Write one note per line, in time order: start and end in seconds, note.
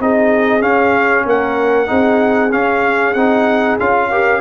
0.00 0.62 C4
0.00 0.61 D#4
0.00 1.25 G#4
0.00 0.62 D#5
0.61 1.86 C#4
0.61 1.25 C#4
0.61 1.25 F5
1.25 1.89 A#3
1.25 1.88 A#4
1.25 2.52 F#5
1.86 2.53 C4
1.86 2.49 D#4
1.86 4.09 G#4
2.52 3.16 C#4
2.52 3.15 C#4
2.52 3.14 F5
3.14 3.78 C4
3.14 3.79 D#4
3.14 3.77 F#5
3.79 4.40 C#4
3.79 4.11 F4
3.79 4.40 F5
4.10 4.40 G4
4.10 4.40 A#4